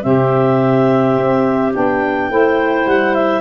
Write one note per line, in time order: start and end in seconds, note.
0.00 1.17 C3
0.00 1.70 C4
0.00 2.30 G4
0.00 1.72 E5
1.17 1.73 C4
1.73 2.29 B3
1.73 2.30 D4
1.73 2.87 G5
2.29 2.85 A3
2.29 3.40 E4
2.29 3.40 C5
2.85 3.40 G3
2.85 3.14 F#5
3.14 3.40 E5